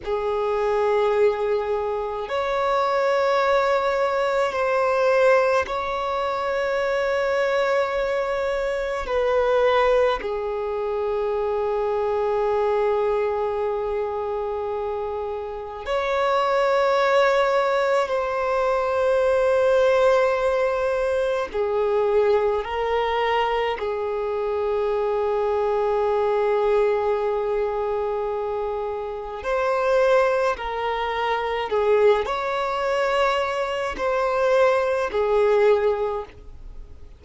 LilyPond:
\new Staff \with { instrumentName = "violin" } { \time 4/4 \tempo 4 = 53 gis'2 cis''2 | c''4 cis''2. | b'4 gis'2.~ | gis'2 cis''2 |
c''2. gis'4 | ais'4 gis'2.~ | gis'2 c''4 ais'4 | gis'8 cis''4. c''4 gis'4 | }